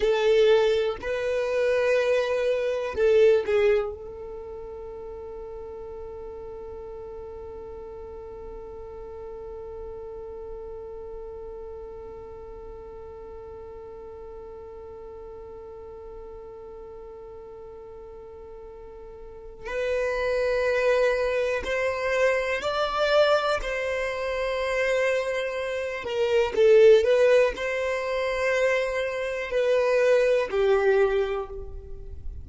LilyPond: \new Staff \with { instrumentName = "violin" } { \time 4/4 \tempo 4 = 61 a'4 b'2 a'8 gis'8 | a'1~ | a'1~ | a'1~ |
a'1 | b'2 c''4 d''4 | c''2~ c''8 ais'8 a'8 b'8 | c''2 b'4 g'4 | }